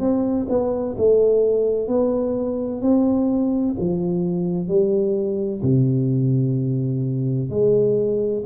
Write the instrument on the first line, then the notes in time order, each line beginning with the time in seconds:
tuba
0.00 C4
0.49 B3
0.98 A3
1.88 B3
2.82 C4
3.80 F3
4.68 G3
5.63 C3
7.50 G#3